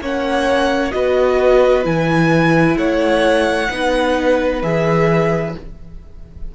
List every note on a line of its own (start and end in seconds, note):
0.00 0.92 A#3
0.00 0.91 C#4
0.00 0.94 C#5
0.00 0.91 F#5
0.91 1.85 B3
0.91 1.83 F#4
0.91 2.77 B4
0.91 1.83 D#5
1.83 2.76 E3
1.83 3.68 E4
1.83 2.77 G#5
2.76 3.68 A3
2.76 3.70 C#5
2.76 4.62 F#5
3.70 4.62 B3
3.70 4.62 D#4
3.70 5.54 B4
4.62 5.55 E3
4.62 5.55 G#4
4.62 5.55 E5